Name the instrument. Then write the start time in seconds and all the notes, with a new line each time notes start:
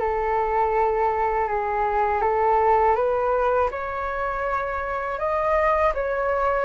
flute
0.00 A4
1.48 G#4
2.22 A4
2.96 B4
3.71 C#5
5.19 D#5
5.94 C#5